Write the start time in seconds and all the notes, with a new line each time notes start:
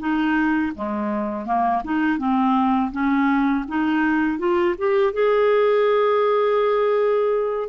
0.00 D#4
0.75 G#3
1.46 A#3
1.85 D#4
2.19 C4
2.92 C#4
3.68 D#4
4.39 F4
4.78 G4
5.14 G#4